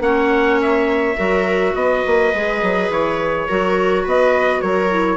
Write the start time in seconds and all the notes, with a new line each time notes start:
0.00 A#3 C#4 C#5 F#5
0.62 E5
1.17 F#3 F#4 A#4
1.75 B3 B4 D#5
2.07 A#3
2.34 G#3 G#4
2.62 F#3
2.90 E3 C#5
3.48 F#3 F#4 A#4
4.04 B3 B4 D#5
4.61 F#3 A#4 C#5
4.90 E4